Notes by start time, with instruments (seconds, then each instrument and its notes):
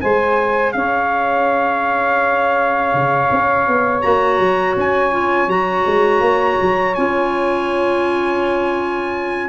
0.00 tuba G#3, clarinet G#4, saxophone C5, trumpet G#5
0.72 tuba C#4, saxophone C#5, trumpet F5
2.93 tuba C#3
3.31 tuba C#4
3.67 tuba B3
4.01 tuba A#3, clarinet F#4, trumpet A#5
4.39 tuba F#3
4.76 tuba C#4, trumpet G#5
5.11 clarinet F4
5.47 tuba F#3, clarinet F#4, trumpet A#5
5.86 tuba G#3
6.20 tuba A#3
6.61 tuba F#3
6.94 tuba C#4, clarinet F4, trumpet G#5